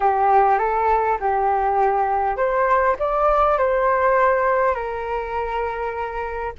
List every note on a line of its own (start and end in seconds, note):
0.00 0.58 G4
0.58 1.17 A4
1.20 2.36 G4
2.36 2.96 C5
2.99 3.58 D5
3.58 4.74 C5
4.74 6.53 A#4